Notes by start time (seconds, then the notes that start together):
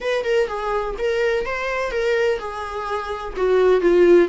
0.00 B4
0.24 A#4
0.47 G#4
0.98 A#4
1.45 C5
1.91 A#4
2.39 G#4
3.36 F#4
3.81 F4